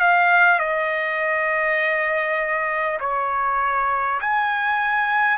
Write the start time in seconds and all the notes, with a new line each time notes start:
0.00 F5
0.59 D#5
3.01 C#5
4.21 G#5